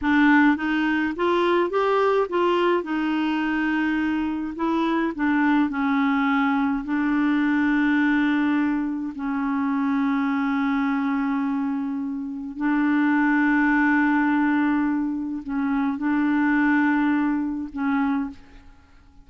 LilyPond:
\new Staff \with { instrumentName = "clarinet" } { \time 4/4 \tempo 4 = 105 d'4 dis'4 f'4 g'4 | f'4 dis'2. | e'4 d'4 cis'2 | d'1 |
cis'1~ | cis'2 d'2~ | d'2. cis'4 | d'2. cis'4 | }